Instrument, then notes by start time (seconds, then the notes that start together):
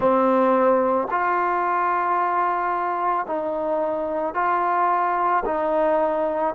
trombone
0.00 C4
1.10 F4
3.26 D#4
4.34 F4
5.45 D#4